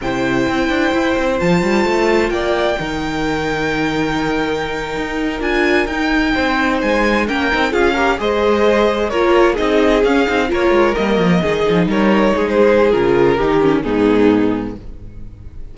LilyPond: <<
  \new Staff \with { instrumentName = "violin" } { \time 4/4 \tempo 4 = 130 g''2. a''4~ | a''4 g''2.~ | g''2.~ g''8. gis''16~ | gis''8. g''2 gis''4 g''16~ |
g''8. f''4 dis''2 cis''16~ | cis''8. dis''4 f''4 cis''4 dis''16~ | dis''4.~ dis''16 cis''4~ cis''16 c''4 | ais'2 gis'2 | }
  \new Staff \with { instrumentName = "violin" } { \time 4/4 c''1~ | c''4 d''4 ais'2~ | ais'1~ | ais'4.~ ais'16 c''2 ais'16~ |
ais'8. gis'8 ais'8 c''2 ais'16~ | ais'8. gis'2 ais'4~ ais'16~ | ais'8. gis'4 ais'4 gis'4~ gis'16~ | gis'4 g'4 dis'2 | }
  \new Staff \with { instrumentName = "viola" } { \time 4/4 e'2. f'4~ | f'2 dis'2~ | dis'2.~ dis'8. f'16~ | f'8. dis'2. cis'16~ |
cis'16 dis'8 f'8 g'8 gis'2 f'16~ | f'8. dis'4 cis'8 dis'8 f'4 ais16~ | ais8. dis'2.~ dis'16 | f'4 dis'8 cis'8 b2 | }
  \new Staff \with { instrumentName = "cello" } { \time 4/4 c4 c'8 d'8 e'8 c'8 f8 g8 | a4 ais4 dis2~ | dis2~ dis8. dis'4 d'16~ | d'8. dis'4 c'4 gis4 ais16~ |
ais16 c'8 cis'4 gis2 ais16~ | ais8. c'4 cis'8 c'8 ais8 gis8 g16~ | g16 f8 dis8 f8 g4 gis4~ gis16 | cis4 dis4 gis,2 | }
>>